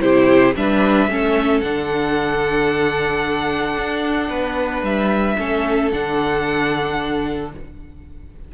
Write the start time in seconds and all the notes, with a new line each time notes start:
0.00 C3 E4 G4 C5
0.56 G3 D4 B4 E5
1.08 A3 C#4 A4
1.61 D3 D4 F#5
3.78 D4
4.30 B3 B4
4.83 G3 E5
5.38 A3 C#4 A4
5.91 D3 D4 F#5